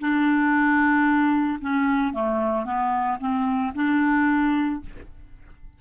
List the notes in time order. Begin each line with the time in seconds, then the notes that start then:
0.00 D4
1.61 C#4
2.13 A3
2.65 B3
3.20 C4
3.75 D4